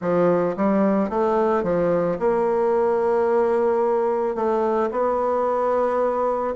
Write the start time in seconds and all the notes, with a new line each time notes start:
0.00 F3
0.56 G3
1.09 A3
1.63 F3
2.19 A#3
4.35 A3
4.91 B3